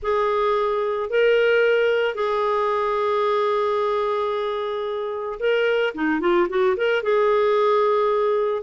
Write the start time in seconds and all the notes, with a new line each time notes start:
0.02 G#4
1.10 A#4
2.14 G#4
5.39 A#4
5.94 D#4
6.20 F4
6.49 F#4
6.76 A#4
7.03 G#4